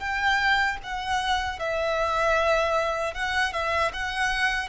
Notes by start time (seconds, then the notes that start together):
0.00 G5
0.84 F#5
1.60 E5
3.15 F#5
3.53 E5
3.94 F#5